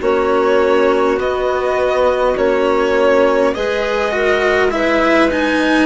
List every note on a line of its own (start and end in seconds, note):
0.00 1.19 A#3
0.00 1.17 C#4
0.00 3.53 F#4
0.00 1.19 C#5
1.17 2.35 B3
1.17 2.36 B3
1.17 2.37 D#5
2.37 3.54 A#3
2.37 3.54 C#4
2.37 3.54 C#5
3.54 5.85 G#3
3.54 4.11 G#4
3.54 4.12 B4
3.54 4.71 D#5
4.11 4.70 F#4
4.11 4.72 A#4
4.71 5.29 E4
4.71 5.85 B4
4.71 5.29 E5
5.30 5.85 D#4
5.30 5.85 G#5